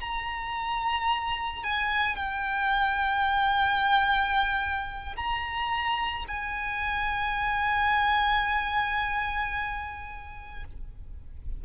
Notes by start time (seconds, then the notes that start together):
0.00 A#5
1.63 G#5
2.16 G5
5.16 A#5
6.28 G#5